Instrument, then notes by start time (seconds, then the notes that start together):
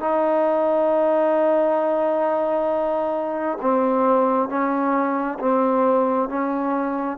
trombone
0.00 D#4
3.61 C4
4.49 C#4
5.39 C4
6.28 C#4